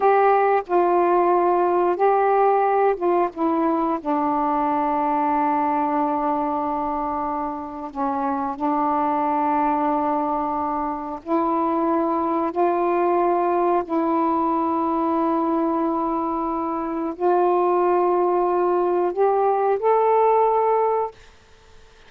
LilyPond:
\new Staff \with { instrumentName = "saxophone" } { \time 4/4 \tempo 4 = 91 g'4 f'2 g'4~ | g'8 f'8 e'4 d'2~ | d'1 | cis'4 d'2.~ |
d'4 e'2 f'4~ | f'4 e'2.~ | e'2 f'2~ | f'4 g'4 a'2 | }